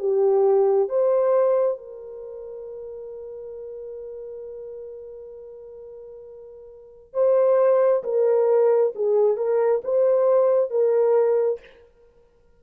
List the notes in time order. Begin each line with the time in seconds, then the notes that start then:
0.00 G4
0.89 C5
1.78 A#4
7.14 C5
8.04 A#4
8.96 G#4
9.37 A#4
9.85 C5
10.71 A#4